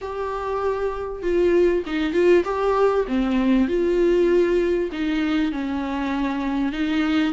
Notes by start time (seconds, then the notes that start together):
0.01 G4
1.22 F4
1.86 D#4
2.13 F4
2.44 G4
3.07 C4
3.68 F4
4.92 D#4
5.52 C#4
6.72 D#4